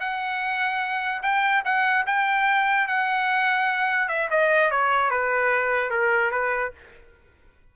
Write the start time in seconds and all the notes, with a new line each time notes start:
0.00 F#5
1.23 G5
1.65 F#5
2.07 G5
2.88 F#5
4.09 E5
4.31 D#5
4.71 C#5
5.11 B4
5.91 A#4
6.32 B4